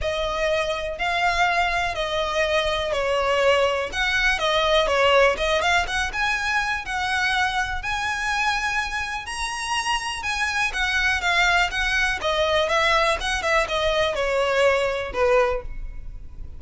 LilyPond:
\new Staff \with { instrumentName = "violin" } { \time 4/4 \tempo 4 = 123 dis''2 f''2 | dis''2 cis''2 | fis''4 dis''4 cis''4 dis''8 f''8 | fis''8 gis''4. fis''2 |
gis''2. ais''4~ | ais''4 gis''4 fis''4 f''4 | fis''4 dis''4 e''4 fis''8 e''8 | dis''4 cis''2 b'4 | }